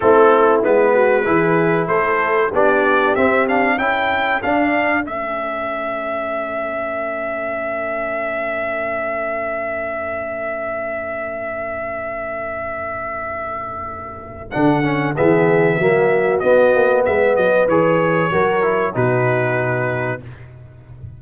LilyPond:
<<
  \new Staff \with { instrumentName = "trumpet" } { \time 4/4 \tempo 4 = 95 a'4 b'2 c''4 | d''4 e''8 f''8 g''4 f''4 | e''1~ | e''1~ |
e''1~ | e''2. fis''4 | e''2 dis''4 e''8 dis''8 | cis''2 b'2 | }
  \new Staff \with { instrumentName = "horn" } { \time 4/4 e'4. fis'8 gis'4 a'4 | g'2 a'2~ | a'1~ | a'1~ |
a'1~ | a'1 | gis'4 fis'2 b'4~ | b'4 ais'4 fis'2 | }
  \new Staff \with { instrumentName = "trombone" } { \time 4/4 c'4 b4 e'2 | d'4 c'8 d'8 e'4 d'4 | cis'1~ | cis'1~ |
cis'1~ | cis'2. d'8 cis'8 | b4 ais4 b2 | gis'4 fis'8 e'8 dis'2 | }
  \new Staff \with { instrumentName = "tuba" } { \time 4/4 a4 gis4 e4 a4 | b4 c'4 cis'4 d'4 | a1~ | a1~ |
a1~ | a2. d4 | e4 fis4 b8 ais8 gis8 fis8 | e4 fis4 b,2 | }
>>